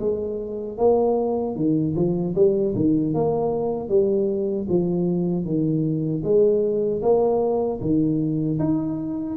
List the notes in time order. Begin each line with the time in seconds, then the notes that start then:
0.00 G#3
0.78 A#3
1.56 D#3
1.96 F3
2.36 G3
2.76 D#3
3.15 A#3
3.89 G3
4.69 F3
5.45 D#3
6.24 G#3
7.02 A#3
7.81 D#3
8.60 D#4